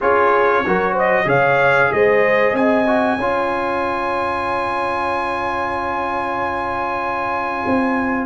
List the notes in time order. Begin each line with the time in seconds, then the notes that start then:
0.00 C#4 F4 G#4 C#5
0.65 F#3 F#4 A#4
0.92 C5 D#5
1.25 C#3 G#4 C#5 F5
1.91 G#3 C5 D#5
2.53 C4 D#5 G#5
2.87 F#4
3.17 C#4 F4 C#5
7.66 C4